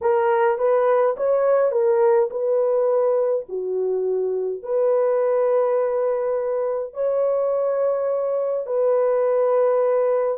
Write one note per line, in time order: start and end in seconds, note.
0.01 0.58 A#4
0.58 1.15 B4
1.16 1.71 C#5
1.71 2.29 A#4
2.30 3.46 B4
3.49 4.63 F#4
4.63 6.93 B4
6.93 8.66 C#5
8.66 10.37 B4